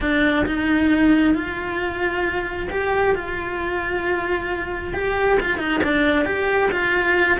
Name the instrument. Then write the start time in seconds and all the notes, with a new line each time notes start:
cello
0.00 D4
0.46 D#4
1.34 F4
2.70 G4
3.15 F4
4.93 G4
5.40 F4
5.58 D#4
5.83 D4
6.25 G4
6.71 F4